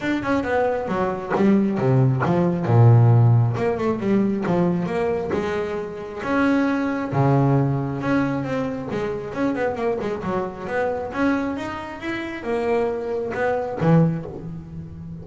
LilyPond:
\new Staff \with { instrumentName = "double bass" } { \time 4/4 \tempo 4 = 135 d'8 cis'8 b4 fis4 g4 | c4 f4 ais,2 | ais8 a8 g4 f4 ais4 | gis2 cis'2 |
cis2 cis'4 c'4 | gis4 cis'8 b8 ais8 gis8 fis4 | b4 cis'4 dis'4 e'4 | ais2 b4 e4 | }